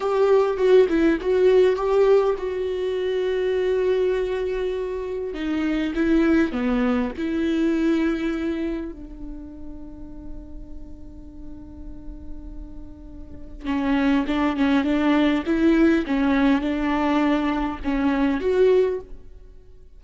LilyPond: \new Staff \with { instrumentName = "viola" } { \time 4/4 \tempo 4 = 101 g'4 fis'8 e'8 fis'4 g'4 | fis'1~ | fis'4 dis'4 e'4 b4 | e'2. d'4~ |
d'1~ | d'2. cis'4 | d'8 cis'8 d'4 e'4 cis'4 | d'2 cis'4 fis'4 | }